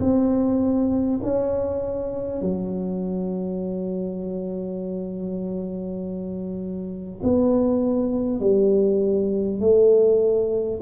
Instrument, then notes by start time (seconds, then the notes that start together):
tuba
0.00 C4
1.23 C#4
2.42 F#3
7.24 B3
8.41 G3
9.61 A3